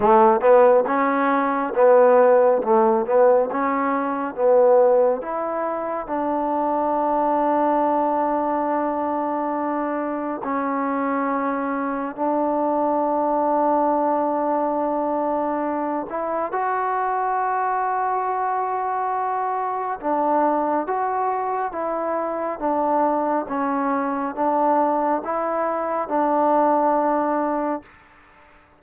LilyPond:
\new Staff \with { instrumentName = "trombone" } { \time 4/4 \tempo 4 = 69 a8 b8 cis'4 b4 a8 b8 | cis'4 b4 e'4 d'4~ | d'1 | cis'2 d'2~ |
d'2~ d'8 e'8 fis'4~ | fis'2. d'4 | fis'4 e'4 d'4 cis'4 | d'4 e'4 d'2 | }